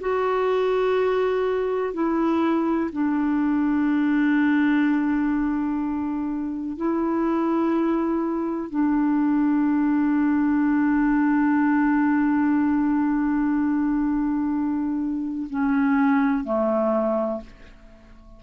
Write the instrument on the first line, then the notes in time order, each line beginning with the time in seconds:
clarinet
0.00 F#4
1.94 E4
2.92 D4
6.77 E4
8.70 D4
15.50 C#4
16.44 A3